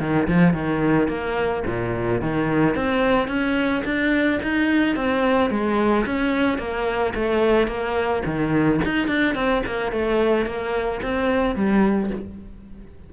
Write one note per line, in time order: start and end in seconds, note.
0.00 0.28 D#3
0.28 0.54 F3
0.54 1.08 D#3
1.08 1.63 A#3
1.67 2.21 A#2
2.21 2.75 D#3
2.75 3.28 C4
3.28 3.83 C#4
3.85 4.40 D4
4.43 4.96 D#4
4.96 5.50 C4
5.50 6.06 G#3
6.06 6.59 C#4
6.59 7.14 A#3
7.15 7.68 A3
7.68 8.23 A#3
8.25 8.80 D#3
8.85 9.08 D#4
9.08 9.35 D4
9.35 9.63 C4
9.66 9.92 A#3
9.92 10.46 A3
10.46 11.01 A#3
11.02 11.55 C4
11.55 12.11 G3